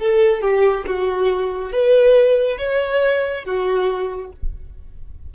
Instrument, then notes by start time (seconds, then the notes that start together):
violin
0.00 A4
0.42 G4
0.87 F#4
1.72 B4
2.58 C#5
3.45 F#4